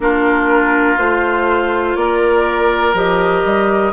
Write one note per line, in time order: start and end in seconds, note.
0.00 0.96 A#3
0.00 0.97 D4
0.00 1.99 F4
0.00 0.98 A#4
0.97 1.95 A3
0.97 2.94 F4
0.97 1.95 C5
1.95 2.93 A#3
1.95 3.93 A#4
1.95 2.94 D5
2.93 3.42 F3
2.93 3.93 G4
2.93 3.93 D#5
3.44 3.93 G3